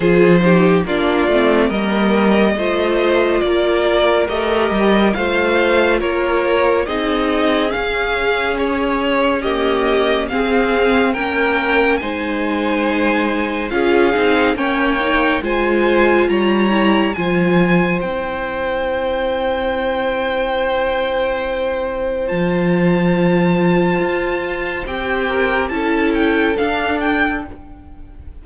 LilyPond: <<
  \new Staff \with { instrumentName = "violin" } { \time 4/4 \tempo 4 = 70 c''4 d''4 dis''2 | d''4 dis''4 f''4 cis''4 | dis''4 f''4 cis''4 dis''4 | f''4 g''4 gis''2 |
f''4 g''4 gis''4 ais''4 | gis''4 g''2.~ | g''2 a''2~ | a''4 g''4 a''8 g''8 f''8 g''8 | }
  \new Staff \with { instrumentName = "violin" } { \time 4/4 gis'8 g'8 f'4 ais'4 c''4 | ais'2 c''4 ais'4 | gis'2. g'4 | gis'4 ais'4 c''2 |
gis'4 cis''4 c''4 cis''4 | c''1~ | c''1~ | c''4. ais'8 a'2 | }
  \new Staff \with { instrumentName = "viola" } { \time 4/4 f'8 dis'8 d'8 c'8 ais4 f'4~ | f'4 g'4 f'2 | dis'4 cis'2 ais4 | c'4 cis'4 dis'2 |
f'8 dis'8 cis'8 dis'8 f'4. e'8 | f'4 e'2.~ | e'2 f'2~ | f'4 g'4 e'4 d'4 | }
  \new Staff \with { instrumentName = "cello" } { \time 4/4 f4 ais8 a8 g4 a4 | ais4 a8 g8 a4 ais4 | c'4 cis'2. | c'4 ais4 gis2 |
cis'8 c'8 ais4 gis4 g4 | f4 c'2.~ | c'2 f2 | f'4 c'4 cis'4 d'4 | }
>>